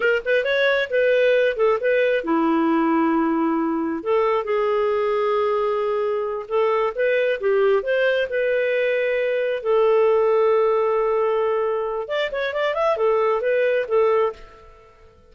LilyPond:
\new Staff \with { instrumentName = "clarinet" } { \time 4/4 \tempo 4 = 134 ais'8 b'8 cis''4 b'4. a'8 | b'4 e'2.~ | e'4 a'4 gis'2~ | gis'2~ gis'8 a'4 b'8~ |
b'8 g'4 c''4 b'4.~ | b'4. a'2~ a'8~ | a'2. d''8 cis''8 | d''8 e''8 a'4 b'4 a'4 | }